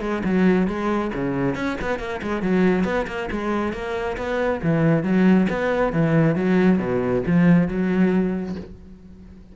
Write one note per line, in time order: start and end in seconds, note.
0.00 0.22 G#3
0.24 0.67 F#3
0.67 1.11 G#3
1.14 1.55 C#3
1.55 1.77 C#4
1.81 1.98 B3
1.98 2.20 A#3
2.22 2.42 G#3
2.42 2.84 F#3
2.84 3.06 B3
3.07 3.29 A#3
3.31 3.72 G#3
3.72 4.16 A#3
4.17 4.61 B3
4.62 5.03 E3
5.03 5.47 F#3
5.49 5.92 B3
5.92 6.35 E3
6.35 6.78 F#3
6.78 7.22 B2
7.26 7.67 F3
7.67 8.55 F#3